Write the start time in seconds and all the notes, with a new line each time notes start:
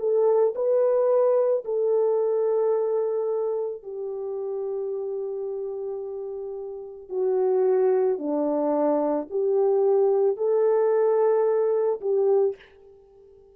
0.00 A4
0.56 B4
1.65 A4
3.83 G4
7.10 F#4
8.19 D4
9.30 G4
10.37 A4
12.01 G4